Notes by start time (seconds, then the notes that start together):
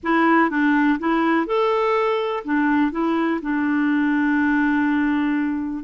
0.03 E4
0.50 D4
0.99 E4
1.46 A4
2.44 D4
2.91 E4
3.41 D4